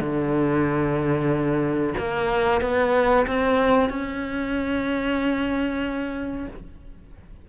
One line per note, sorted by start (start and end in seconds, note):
0.00 1.94 D3
1.98 2.61 A#3
2.61 3.26 B3
3.26 3.89 C4
3.89 6.47 C#4